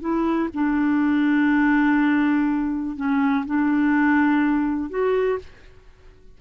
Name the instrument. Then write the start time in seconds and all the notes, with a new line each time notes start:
clarinet
0.00 E4
0.54 D4
2.96 C#4
3.45 D4
4.89 F#4